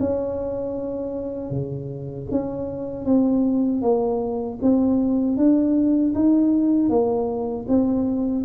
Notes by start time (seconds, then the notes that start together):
0.00 C#4
1.50 C#3
2.31 C#4
3.05 C4
3.82 A#3
4.62 C4
5.37 D4
6.15 D#4
6.90 A#3
7.68 C4